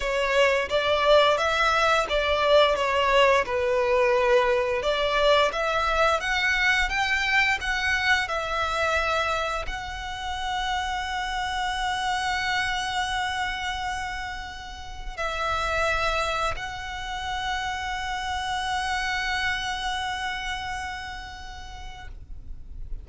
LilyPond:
\new Staff \with { instrumentName = "violin" } { \time 4/4 \tempo 4 = 87 cis''4 d''4 e''4 d''4 | cis''4 b'2 d''4 | e''4 fis''4 g''4 fis''4 | e''2 fis''2~ |
fis''1~ | fis''2 e''2 | fis''1~ | fis''1 | }